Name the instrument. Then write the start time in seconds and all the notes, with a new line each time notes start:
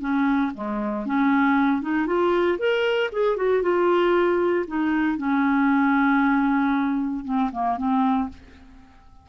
clarinet
0.00 C#4
0.54 G#3
1.06 C#4
1.82 D#4
2.06 F4
2.58 A#4
3.12 G#4
3.36 F#4
3.62 F4
4.67 D#4
5.17 C#4
7.24 C4
7.52 A#3
7.77 C4